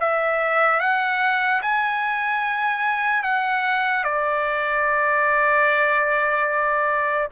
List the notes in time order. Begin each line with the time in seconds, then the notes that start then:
0.00 E5
0.80 F#5
1.62 G#5
3.23 F#5
4.04 D5